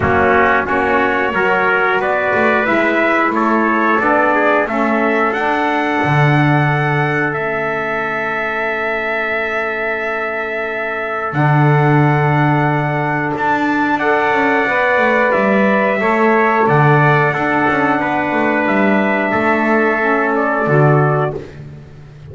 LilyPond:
<<
  \new Staff \with { instrumentName = "trumpet" } { \time 4/4 \tempo 4 = 90 fis'4 cis''2 d''4 | e''4 cis''4 d''4 e''4 | fis''2. e''4~ | e''1~ |
e''4 fis''2. | a''4 fis''2 e''4~ | e''4 fis''2. | e''2~ e''8 d''4. | }
  \new Staff \with { instrumentName = "trumpet" } { \time 4/4 cis'4 fis'4 ais'4 b'4~ | b'4 a'4. gis'8 a'4~ | a'1~ | a'1~ |
a'1~ | a'4 d''2. | cis''4 d''4 a'4 b'4~ | b'4 a'2. | }
  \new Staff \with { instrumentName = "saxophone" } { \time 4/4 ais4 cis'4 fis'2 | e'2 d'4 cis'4 | d'2. cis'4~ | cis'1~ |
cis'4 d'2.~ | d'4 a'4 b'2 | a'2 d'2~ | d'2 cis'4 fis'4 | }
  \new Staff \with { instrumentName = "double bass" } { \time 4/4 fis4 ais4 fis4 b8 a8 | gis4 a4 b4 a4 | d'4 d2 a4~ | a1~ |
a4 d2. | d'4. cis'8 b8 a8 g4 | a4 d4 d'8 cis'8 b8 a8 | g4 a2 d4 | }
>>